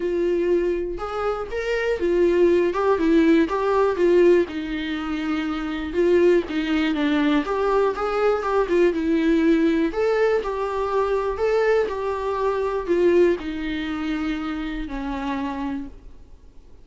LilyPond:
\new Staff \with { instrumentName = "viola" } { \time 4/4 \tempo 4 = 121 f'2 gis'4 ais'4 | f'4. g'8 e'4 g'4 | f'4 dis'2. | f'4 dis'4 d'4 g'4 |
gis'4 g'8 f'8 e'2 | a'4 g'2 a'4 | g'2 f'4 dis'4~ | dis'2 cis'2 | }